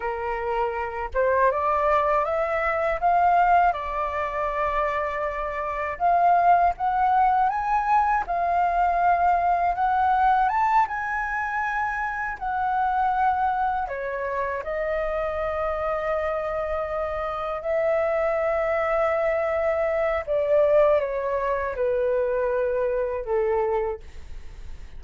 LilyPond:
\new Staff \with { instrumentName = "flute" } { \time 4/4 \tempo 4 = 80 ais'4. c''8 d''4 e''4 | f''4 d''2. | f''4 fis''4 gis''4 f''4~ | f''4 fis''4 a''8 gis''4.~ |
gis''8 fis''2 cis''4 dis''8~ | dis''2.~ dis''8 e''8~ | e''2. d''4 | cis''4 b'2 a'4 | }